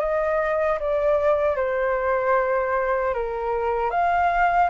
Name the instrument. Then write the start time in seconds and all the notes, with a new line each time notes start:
flute
0.00 D#5
0.80 D5
1.56 C5
3.14 A#4
3.91 F5